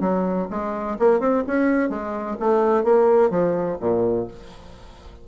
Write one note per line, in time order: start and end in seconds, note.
0.00 0.47 F#3
0.50 0.97 G#3
0.99 1.20 A#3
1.20 1.43 C4
1.47 1.89 C#4
1.89 2.36 G#3
2.39 2.83 A3
2.83 3.30 A#3
3.30 3.77 F3
3.80 4.27 A#2